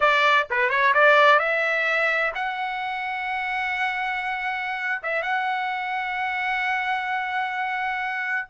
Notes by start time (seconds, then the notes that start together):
0.00 D5
0.50 B4
0.69 C#5
0.94 D5
1.39 E5
2.34 F#5
5.02 E5
5.22 F#5